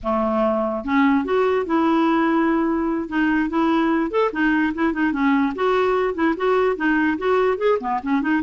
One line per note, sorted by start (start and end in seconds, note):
0.03 0.84 A3
0.84 1.24 C#4
1.24 1.66 F#4
1.66 3.08 E4
3.08 3.49 D#4
3.49 4.10 E4
4.10 4.31 A4
4.32 4.73 D#4
4.74 4.93 E4
4.93 5.12 D#4
5.12 5.53 C#4
5.55 6.14 F#4
6.14 6.35 E4
6.37 6.76 F#4
6.76 7.17 D#4
7.17 7.57 F#4
7.57 7.78 G#4
7.80 8.00 B3
8.02 8.21 C#4
8.21 8.42 D#4